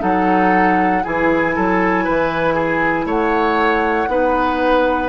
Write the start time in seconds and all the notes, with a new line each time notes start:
0.00 F#3 D#4 A4 F#5
1.04 E3 E4 G#4 G#5
1.56 F#3 A4
2.04 E3 B4
2.54 G#4
3.05 A3 C#5 F#5
4.08 B3 D#4 B4